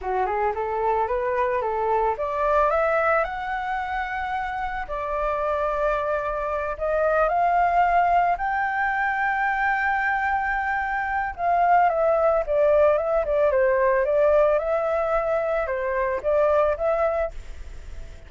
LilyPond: \new Staff \with { instrumentName = "flute" } { \time 4/4 \tempo 4 = 111 fis'8 gis'8 a'4 b'4 a'4 | d''4 e''4 fis''2~ | fis''4 d''2.~ | d''8 dis''4 f''2 g''8~ |
g''1~ | g''4 f''4 e''4 d''4 | e''8 d''8 c''4 d''4 e''4~ | e''4 c''4 d''4 e''4 | }